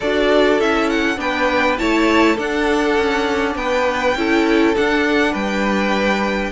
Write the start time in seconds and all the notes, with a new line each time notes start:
0.00 D4 F#4 A4 D5
0.60 C#4 E4 E5
0.89 F#5
1.16 B3 D4 B4 G5
1.78 A3 E4 C#5 A5
2.35 D4 A4 F#5
2.97 C#4
3.55 B3 B4 G5
4.15 C#4 E4 A4
4.75 D4 F#5
5.32 G3 B4 G5